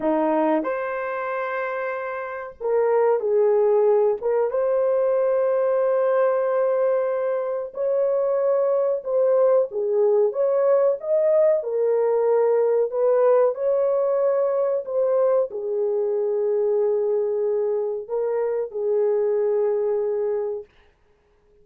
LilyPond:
\new Staff \with { instrumentName = "horn" } { \time 4/4 \tempo 4 = 93 dis'4 c''2. | ais'4 gis'4. ais'8 c''4~ | c''1 | cis''2 c''4 gis'4 |
cis''4 dis''4 ais'2 | b'4 cis''2 c''4 | gis'1 | ais'4 gis'2. | }